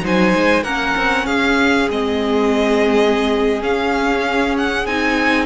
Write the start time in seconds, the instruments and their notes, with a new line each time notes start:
0.00 cello F#3, viola D#4, violin C5 G#5
0.35 cello G#3
0.63 cello A#3, viola C#4, violin A#4 F#5
0.96 cello C4
1.26 cello C#4, violin G#4 F5
1.90 cello G#3, viola C4, violin D#5
3.61 viola C#4, cello C#4, violin F5
4.57 violin F#5
4.85 cello C4, viola D#4, violin G#5